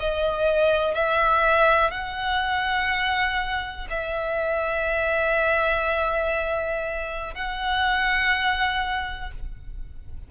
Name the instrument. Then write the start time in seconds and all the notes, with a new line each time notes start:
violin
0.00 D#5
0.95 E5
1.91 F#5
3.90 E5
7.35 F#5